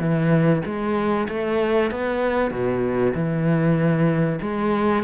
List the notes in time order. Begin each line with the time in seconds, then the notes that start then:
0.00 E3
0.65 G#3
1.29 A3
1.91 B3
2.51 B2
3.14 E3
4.41 G#3